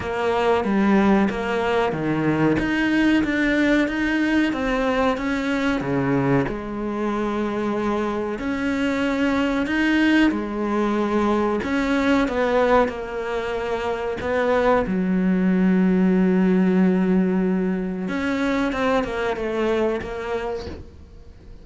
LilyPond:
\new Staff \with { instrumentName = "cello" } { \time 4/4 \tempo 4 = 93 ais4 g4 ais4 dis4 | dis'4 d'4 dis'4 c'4 | cis'4 cis4 gis2~ | gis4 cis'2 dis'4 |
gis2 cis'4 b4 | ais2 b4 fis4~ | fis1 | cis'4 c'8 ais8 a4 ais4 | }